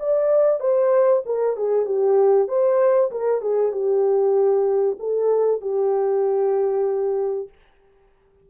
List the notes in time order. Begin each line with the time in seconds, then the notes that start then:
0.00 D5
0.61 C5
1.26 A#4
1.57 G#4
1.86 G4
2.49 C5
3.12 A#4
3.42 G#4
3.72 G4
5.00 A4
5.62 G4